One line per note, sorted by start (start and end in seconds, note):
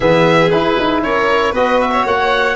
0.00 0.51 E3
0.00 0.52 B3
0.00 1.02 G#4
0.00 0.50 E5
0.50 0.77 E4
0.50 1.55 E4
0.50 1.01 B4
0.78 1.02 D#4
1.02 1.52 C#4
1.02 1.52 A#4
1.02 1.54 C#5
1.52 2.04 B3
1.52 2.55 F#4
1.52 1.90 B4
1.52 1.80 D#5
1.80 2.06 E5
1.91 2.55 C#5
2.05 2.55 A#3
2.05 2.55 F#5